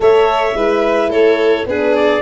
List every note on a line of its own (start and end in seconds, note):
0.00 0.54 A3
0.00 0.53 A4
0.00 0.56 C#5
0.00 1.11 E5
0.54 1.09 G#3
0.54 1.66 E4
0.54 1.09 B4
1.09 1.64 A3
1.09 1.65 A4
1.09 1.67 C#5
1.65 2.21 B3
1.65 2.22 D4
1.65 2.22 G#4
1.65 1.95 B4
1.95 2.22 D5